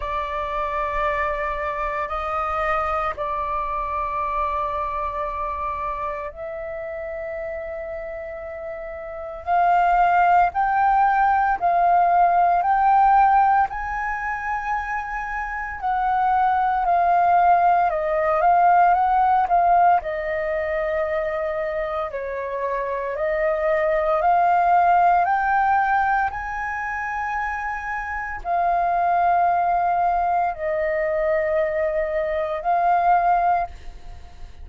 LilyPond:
\new Staff \with { instrumentName = "flute" } { \time 4/4 \tempo 4 = 57 d''2 dis''4 d''4~ | d''2 e''2~ | e''4 f''4 g''4 f''4 | g''4 gis''2 fis''4 |
f''4 dis''8 f''8 fis''8 f''8 dis''4~ | dis''4 cis''4 dis''4 f''4 | g''4 gis''2 f''4~ | f''4 dis''2 f''4 | }